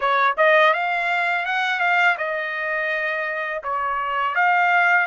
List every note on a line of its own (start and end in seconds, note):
0.00 0.35 C#5
0.37 0.73 D#5
0.73 1.45 F5
1.45 1.79 F#5
1.79 2.16 F5
2.17 3.62 D#5
3.63 4.35 C#5
4.35 5.06 F5